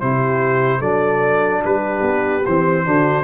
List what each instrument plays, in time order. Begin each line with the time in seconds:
0.00 tuba C3, trombone E4, horn G4, trumpet C5
0.79 tuba F#3, trombone D4, horn A4, trumpet D5
1.63 tuba G3, horn G4, trumpet B4
2.01 tuba B3
2.46 tuba E3, trombone C4, trumpet C5
2.84 tuba D3, trombone D4, horn F#4